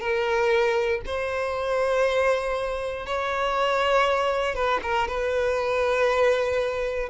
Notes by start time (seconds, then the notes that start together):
0.00 A#4
1.05 C5
3.05 C#5
4.54 B4
4.82 A#4
5.07 B4